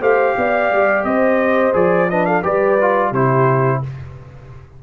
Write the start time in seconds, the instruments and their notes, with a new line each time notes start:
0.00 tuba A3, trombone G4, horn C5, trumpet F5
0.36 tuba B3, horn D5
0.71 tuba G3
1.03 tuba C4, horn C5, trumpet D#5
1.73 tuba F3, trombone G#4, trumpet D5
2.10 trombone D4, horn B4, trumpet D#5
2.25 horn A4, trumpet F5
2.42 tuba G3, trombone G4, horn B4, trumpet D5
2.80 trombone F4
3.09 tuba C3, trombone E4, horn G4, trumpet C5